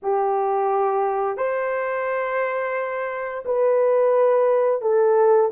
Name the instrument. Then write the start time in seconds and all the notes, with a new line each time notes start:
horn
0.02 G4
1.37 C5
3.45 B4
4.81 A4